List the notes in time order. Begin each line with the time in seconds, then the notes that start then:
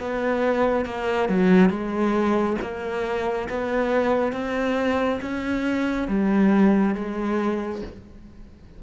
0.00 B3
0.86 A#3
1.29 F#3
1.70 G#3
2.62 A#3
3.49 B3
4.33 C4
5.22 C#4
6.08 G3
6.95 G#3